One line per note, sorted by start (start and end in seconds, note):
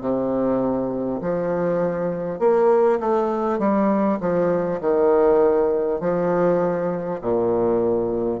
0.00 1.20 C3
1.21 2.39 F3
2.39 2.99 A#3
3.00 3.58 A3
3.58 4.18 G3
4.20 4.80 F3
4.81 6.00 D#3
6.00 7.20 F3
7.21 8.40 A#2